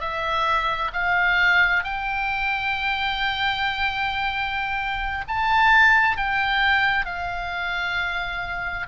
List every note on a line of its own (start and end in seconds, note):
0.00 0.91 E5
0.93 1.83 F5
1.83 5.24 G5
5.27 6.17 A5
6.17 7.05 G5
7.05 8.87 F5